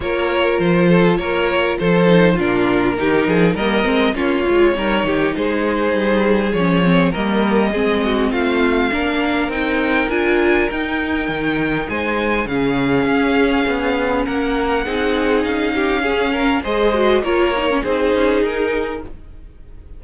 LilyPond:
<<
  \new Staff \with { instrumentName = "violin" } { \time 4/4 \tempo 4 = 101 cis''4 c''4 cis''4 c''4 | ais'2 dis''4 cis''4~ | cis''4 c''2 cis''4 | dis''2 f''2 |
g''4 gis''4 g''2 | gis''4 f''2. | fis''2 f''2 | dis''4 cis''4 c''4 ais'4 | }
  \new Staff \with { instrumentName = "violin" } { \time 4/4 ais'4. a'8 ais'4 a'4 | f'4 g'8 gis'8 ais'4 f'4 | ais'8 g'8 gis'2. | ais'4 gis'8 fis'8 f'4 ais'4~ |
ais'1 | c''4 gis'2. | ais'4 gis'4. g'8 gis'8 ais'8 | c''4 ais'4 gis'2 | }
  \new Staff \with { instrumentName = "viola" } { \time 4/4 f'2.~ f'8 dis'8 | d'4 dis'4 ais8 c'8 cis'8 f'8 | dis'2. cis'8 c'8 | ais4 c'2 d'4 |
dis'4 f'4 dis'2~ | dis'4 cis'2.~ | cis'4 dis'2 cis'4 | gis'8 fis'8 f'8 dis'16 cis'16 dis'2 | }
  \new Staff \with { instrumentName = "cello" } { \time 4/4 ais4 f4 ais4 f4 | ais,4 dis8 f8 g8 gis8 ais8 gis8 | g8 dis8 gis4 g4 f4 | g4 gis4 a4 ais4 |
c'4 d'4 dis'4 dis4 | gis4 cis4 cis'4 b4 | ais4 c'4 cis'2 | gis4 ais4 c'8 cis'8 dis'4 | }
>>